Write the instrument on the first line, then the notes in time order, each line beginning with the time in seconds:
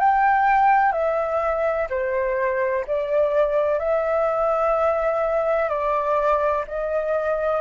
flute
0.00 G5
0.93 E5
1.90 C5
2.87 D5
3.79 E5
5.69 D5
6.68 D#5